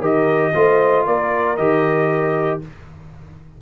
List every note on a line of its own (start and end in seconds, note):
0.00 0.52 D#3
0.00 0.53 G4
0.00 0.52 A#4
0.00 1.06 D#5
0.53 1.06 A3
0.53 1.57 F4
0.53 1.05 C5
1.05 1.57 A#3
1.05 2.60 A#4
1.05 1.56 D5
1.56 2.61 D#3
1.56 2.61 G4
1.56 2.60 D#5